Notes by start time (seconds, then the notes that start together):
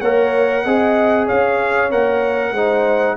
0.00 A#3 A#4 C#5 F#5
0.63 C4 G#4 D#5
1.25 C#4 C#5 F5
1.90 A#3 A#4 F#5
2.51 G#3 D#4 C5